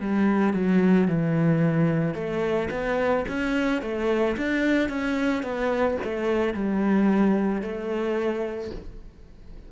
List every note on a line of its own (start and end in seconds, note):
0.00 0.54 G3
0.54 1.08 F#3
1.08 2.14 E3
2.14 2.69 A3
2.71 3.25 B3
3.28 3.82 C#4
3.82 4.36 A3
4.37 4.89 D4
4.89 5.43 C#4
5.43 5.98 B3
6.04 6.54 A3
6.54 7.62 G3
7.62 8.71 A3